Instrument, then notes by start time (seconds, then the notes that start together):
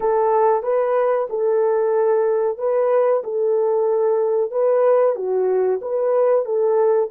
horn
0.00 A4
0.62 B4
1.29 A4
2.58 B4
3.23 A4
4.51 B4
5.15 F#4
5.81 B4
6.45 A4